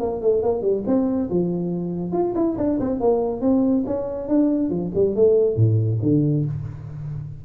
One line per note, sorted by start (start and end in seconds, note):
0.00 0.21 A#3
0.22 0.42 A3
0.42 0.62 A#3
0.62 0.83 G3
0.87 1.30 C4
1.30 2.12 F3
2.12 2.34 F4
2.35 2.57 E4
2.57 2.79 D4
2.80 3.00 C4
3.00 3.41 A#3
3.41 3.84 C4
3.86 4.28 C#4
4.28 4.70 D4
4.70 4.91 F3
4.95 5.15 G3
5.15 5.56 A3
5.56 5.99 A2
6.02 6.45 D3